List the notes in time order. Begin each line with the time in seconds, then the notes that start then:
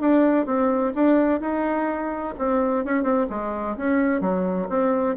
0.00 D4
0.46 C4
0.95 D4
1.40 D#4
2.38 C4
2.85 C#4
3.03 C4
3.29 G#3
3.77 C#4
4.21 F#3
4.69 C4